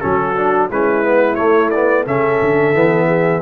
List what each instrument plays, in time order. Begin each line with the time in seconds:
0.00 tuba F#3, trombone C#4, horn F#4, trumpet A4
0.36 trombone D4
0.70 tuba G#3, trombone C#4, horn E4, trumpet B4
1.04 trombone B3
1.35 trombone A3, tuba A3, trumpet C#5
1.70 trombone B3, trumpet D5
2.05 tuba C#3, trombone C#4, horn A4, trumpet E5
2.41 tuba D3
2.75 tuba E3, trombone B3
3.07 horn G#4